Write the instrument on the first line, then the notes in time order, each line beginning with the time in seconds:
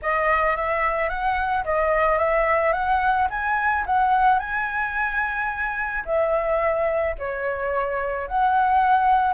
flute
0.02 D#5
0.56 E5
1.09 F#5
1.64 D#5
2.18 E5
2.72 F#5
3.30 G#5
3.86 F#5
4.39 G#5
6.05 E5
7.18 C#5
8.27 F#5